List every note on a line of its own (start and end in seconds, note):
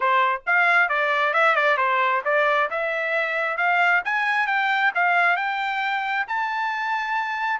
0.00 0.42 C5
0.46 0.88 F5
0.88 1.33 D5
1.33 1.55 E5
1.55 1.77 D5
1.77 2.22 C5
2.24 2.69 D5
2.70 3.57 E5
3.57 4.02 F5
4.05 4.46 G#5
4.46 4.91 G5
4.95 5.36 F5
5.36 6.26 G5
6.27 7.60 A5